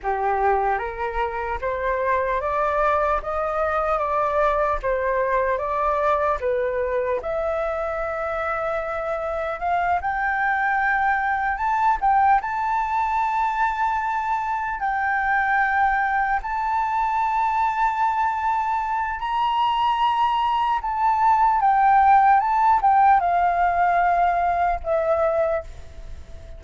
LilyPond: \new Staff \with { instrumentName = "flute" } { \time 4/4 \tempo 4 = 75 g'4 ais'4 c''4 d''4 | dis''4 d''4 c''4 d''4 | b'4 e''2. | f''8 g''2 a''8 g''8 a''8~ |
a''2~ a''8 g''4.~ | g''8 a''2.~ a''8 | ais''2 a''4 g''4 | a''8 g''8 f''2 e''4 | }